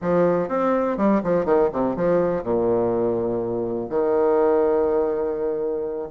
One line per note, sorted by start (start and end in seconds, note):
0.01 0.48 F3
0.48 0.97 C4
0.97 1.21 G3
1.23 1.45 F3
1.45 1.69 D#3
1.72 1.96 C3
1.96 2.43 F3
2.43 3.89 A#2
3.89 6.08 D#3